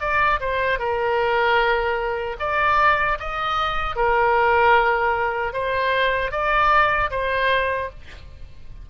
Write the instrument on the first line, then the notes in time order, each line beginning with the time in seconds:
oboe
0.00 D5
0.40 C5
0.79 A#4
2.39 D5
3.19 D#5
3.95 A#4
5.53 C5
6.31 D5
7.11 C5